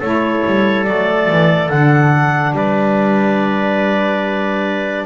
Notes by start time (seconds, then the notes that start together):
0.00 A3 E4 A4 C#5
0.46 G3
0.85 F#3 A3 D5
1.30 E3
1.70 D3 D4 F#5
2.53 G3 B4 D5